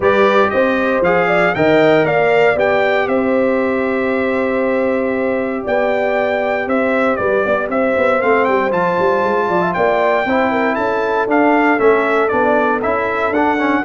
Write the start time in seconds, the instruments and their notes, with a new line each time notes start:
0.00 tuba G3, trombone G4, horn B4, trumpet D5
0.50 tuba C4, horn C5, trumpet D#5
1.00 tuba F3, trombone G#4, trumpet F5
1.27 horn D5
1.54 tuba D#3, trombone A#4, horn D#5, trumpet G5
2.03 tuba A#3, horn D5, trumpet F5
2.55 tuba B3, trombone G4, trumpet G5
3.06 tuba C4, horn C5, trumpet E5
5.63 tuba B3, horn D5, trumpet G5
6.67 tuba C4, horn C5, trumpet E5
7.16 tuba G3, horn B4, trumpet D5
7.43 tuba B3, horn D5
7.69 tuba C4, horn C5, trumpet E5
7.96 tuba B3
8.21 tuba A3, trombone C4, trumpet F5
8.45 tuba G3, trumpet G5
8.70 tuba F3, trombone F4, trumpet A5
8.99 tuba G3
9.23 tuba G#3
9.48 tuba F3, horn D5
9.61 horn E5
9.73 tuba A#3, horn D5, trumpet G5
10.25 tuba C4, trombone E4, horn C5
10.51 horn A#4
10.74 tuba C#4, horn A4, trumpet A5
11.27 tuba D4, trombone D4, trumpet F5
11.78 tuba A3, trombone C#4, trumpet E5
12.28 tuba B3, trombone D4, trumpet D5
12.82 tuba C#4, trombone E4, trumpet E5
13.30 tuba D4, trombone D4, trumpet F#5
13.58 trombone C#4